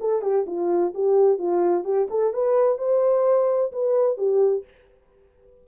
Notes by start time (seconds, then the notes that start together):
0.00 A4
0.22 G4
0.46 F4
0.94 G4
1.38 F4
1.84 G4
2.10 A4
2.33 B4
2.78 C5
3.72 B4
4.17 G4